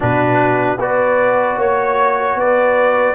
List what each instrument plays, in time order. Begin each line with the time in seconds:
0.00 tuba B2, trombone D4, horn F#4, trumpet B4
0.77 tuba B3, trombone F#4, horn B4, trumpet D5
1.56 tuba A#3, horn C#5, trumpet C#5
2.35 tuba B3, horn B4, trumpet D5